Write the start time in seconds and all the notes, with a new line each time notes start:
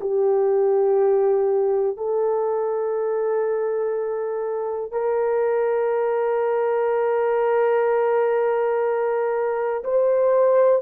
0.00 G4
1.97 A4
4.91 A#4
9.84 C5